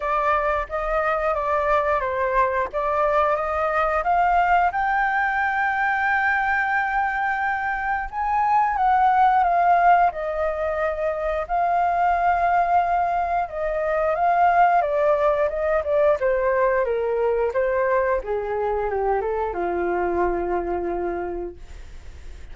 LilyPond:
\new Staff \with { instrumentName = "flute" } { \time 4/4 \tempo 4 = 89 d''4 dis''4 d''4 c''4 | d''4 dis''4 f''4 g''4~ | g''1 | gis''4 fis''4 f''4 dis''4~ |
dis''4 f''2. | dis''4 f''4 d''4 dis''8 d''8 | c''4 ais'4 c''4 gis'4 | g'8 a'8 f'2. | }